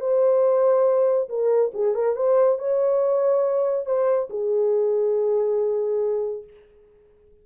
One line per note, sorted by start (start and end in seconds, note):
0.00 1.29 C5
1.29 1.72 A#4
1.74 1.95 G#4
1.95 2.16 A#4
2.16 2.58 C5
2.58 3.86 C#5
3.86 4.28 C5
4.30 6.44 G#4